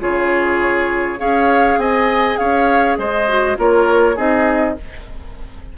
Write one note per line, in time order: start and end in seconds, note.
0.00 1.20 C#3
0.00 1.19 F4
0.00 1.20 G#4
0.00 1.20 C#5
1.19 1.78 C#4
1.19 3.27 G#4
1.19 1.79 C#5
1.19 1.79 F5
1.78 2.37 C4
1.78 2.39 D#5
1.78 2.38 G#5
2.38 2.98 C#4
2.38 2.99 C#5
2.38 2.97 F5
2.98 3.58 G#3
2.98 3.58 C5
2.98 3.57 D#5
3.28 3.57 F#4
3.57 4.18 A#3
3.57 4.16 F4
3.57 4.16 A#4
3.57 4.18 C#5
4.16 4.77 C4
4.16 4.76 D#4
4.16 4.75 G#4
4.16 4.78 D#5